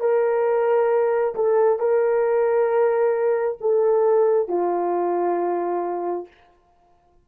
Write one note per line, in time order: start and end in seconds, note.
0.00 1.34 A#4
1.35 1.79 A4
1.79 3.58 A#4
3.61 4.48 A4
4.48 6.27 F4